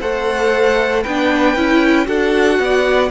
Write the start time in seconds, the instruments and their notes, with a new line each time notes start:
0.00 cello A3, viola A4, violin C5 F#5
1.03 cello B3, viola D4, violin B4 G5
1.56 cello C#4, viola E4
2.05 cello D4, viola F#4, violin A4 F#5
2.59 cello B3, violin D5